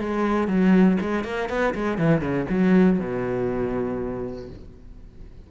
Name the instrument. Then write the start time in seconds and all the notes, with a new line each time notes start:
cello
0.00 G#3
0.48 F#3
1.01 G#3
1.24 A#3
1.49 B3
1.75 G#3
1.98 E3
2.21 C#3
2.50 F#3
3.00 B2